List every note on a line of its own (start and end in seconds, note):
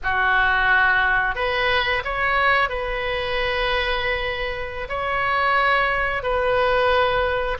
0.03 1.35 F#4
1.35 2.02 B4
2.04 2.69 C#5
2.69 4.88 B4
4.88 6.22 C#5
6.22 7.57 B4